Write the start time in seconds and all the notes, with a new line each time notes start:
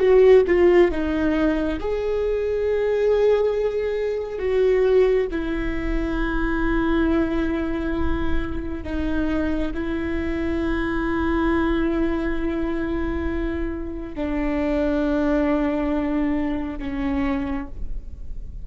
0.00 F#4
0.48 F4
0.91 D#4
1.80 G#4
4.39 F#4
5.31 E4
8.84 D#4
9.74 E4
14.15 D4
16.79 C#4